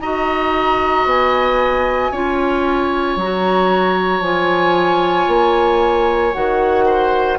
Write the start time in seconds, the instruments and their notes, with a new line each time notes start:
0.00 bassoon D#4, clarinet F#4, oboe D#5, flute A#5
1.05 bassoon B3, flute G#5
2.12 bassoon C#4, clarinet F4, oboe C#5
3.16 bassoon F#3, flute A#5
3.23 clarinet F#4
4.21 bassoon F3, clarinet F4, flute G#5
5.28 bassoon A#3
6.34 bassoon D#3, clarinet F#4, flute F#5
6.86 oboe C5